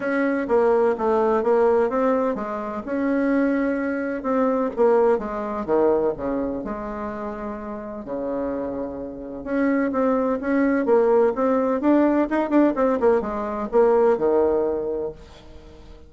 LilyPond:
\new Staff \with { instrumentName = "bassoon" } { \time 4/4 \tempo 4 = 127 cis'4 ais4 a4 ais4 | c'4 gis4 cis'2~ | cis'4 c'4 ais4 gis4 | dis4 cis4 gis2~ |
gis4 cis2. | cis'4 c'4 cis'4 ais4 | c'4 d'4 dis'8 d'8 c'8 ais8 | gis4 ais4 dis2 | }